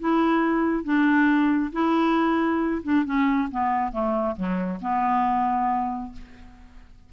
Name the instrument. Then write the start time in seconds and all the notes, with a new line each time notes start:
clarinet
0.00 E4
0.84 D4
1.73 E4
2.84 D4
3.05 C#4
3.51 B3
3.92 A3
4.37 F#3
4.81 B3